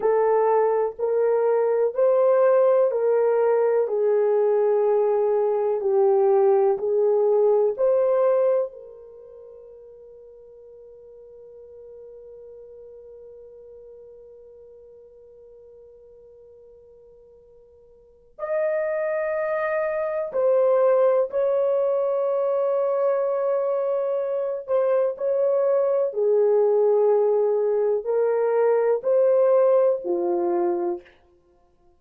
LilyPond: \new Staff \with { instrumentName = "horn" } { \time 4/4 \tempo 4 = 62 a'4 ais'4 c''4 ais'4 | gis'2 g'4 gis'4 | c''4 ais'2.~ | ais'1~ |
ais'2. dis''4~ | dis''4 c''4 cis''2~ | cis''4. c''8 cis''4 gis'4~ | gis'4 ais'4 c''4 f'4 | }